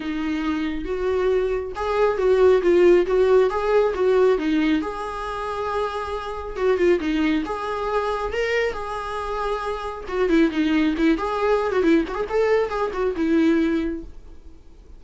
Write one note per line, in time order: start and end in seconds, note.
0.00 0.84 D#4
0.84 1.72 F#4
1.75 2.17 G#4
2.17 2.61 F#4
2.62 3.06 F4
3.06 3.50 F#4
3.50 3.93 G#4
3.94 4.38 F#4
4.38 4.81 D#4
4.81 6.56 G#4
6.56 6.77 F#4
6.77 6.99 F4
6.99 7.43 D#4
7.45 8.32 G#4
8.32 8.73 A#4
8.73 10.04 G#4
10.07 10.29 F#4
10.29 10.50 E4
10.50 10.94 D#4
10.97 11.17 E4
11.17 11.72 G#4
11.72 11.82 F#4
11.82 12.04 E4
12.08 12.14 F#4
12.14 12.25 G#4
12.29 12.69 A4
12.69 12.91 G#4
12.93 13.14 F#4
13.16 14.03 E4